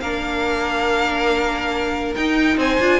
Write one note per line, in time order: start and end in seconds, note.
0.00 2.15 A#3
0.00 2.16 D4
0.00 2.59 A#4
0.00 2.14 F5
2.15 2.81 D#4
2.15 2.57 D#4
2.15 2.58 G5
2.57 2.78 C4
2.57 3.00 C5
2.57 3.00 G#5
2.80 3.00 D4
2.80 3.00 F4